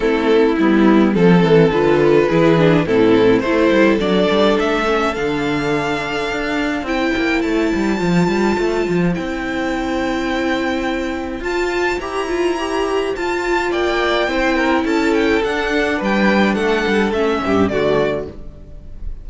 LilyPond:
<<
  \new Staff \with { instrumentName = "violin" } { \time 4/4 \tempo 4 = 105 a'4 e'4 a'4 b'4~ | b'4 a'4 c''4 d''4 | e''4 f''2. | g''4 a''2. |
g''1 | a''4 ais''2 a''4 | g''2 a''8 g''8 fis''4 | g''4 fis''4 e''4 d''4 | }
  \new Staff \with { instrumentName = "violin" } { \time 4/4 e'2 a'2 | gis'4 e'4 a'2~ | a'1 | c''1~ |
c''1~ | c''1 | d''4 c''8 ais'8 a'2 | b'4 a'4. g'8 fis'4 | }
  \new Staff \with { instrumentName = "viola" } { \time 4/4 c'4 b4 c'4 f'4 | e'8 d'8 c'4 e'4 d'4~ | d'8 cis'8 d'2. | e'2 f'2 |
e'1 | f'4 g'8 f'8 g'4 f'4~ | f'4 e'2 d'4~ | d'2 cis'4 a4 | }
  \new Staff \with { instrumentName = "cello" } { \time 4/4 a4 g4 f8 e8 d4 | e4 a,4 a8 g8 fis8 g8 | a4 d2 d'4 | c'8 ais8 a8 g8 f8 g8 a8 f8 |
c'1 | f'4 e'2 f'4 | ais4 c'4 cis'4 d'4 | g4 a8 g8 a8 g,8 d4 | }
>>